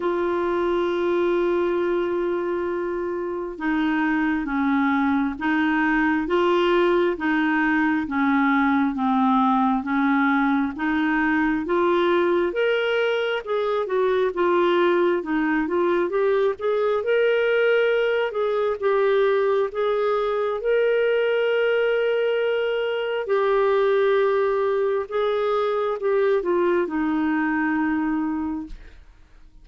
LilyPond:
\new Staff \with { instrumentName = "clarinet" } { \time 4/4 \tempo 4 = 67 f'1 | dis'4 cis'4 dis'4 f'4 | dis'4 cis'4 c'4 cis'4 | dis'4 f'4 ais'4 gis'8 fis'8 |
f'4 dis'8 f'8 g'8 gis'8 ais'4~ | ais'8 gis'8 g'4 gis'4 ais'4~ | ais'2 g'2 | gis'4 g'8 f'8 dis'2 | }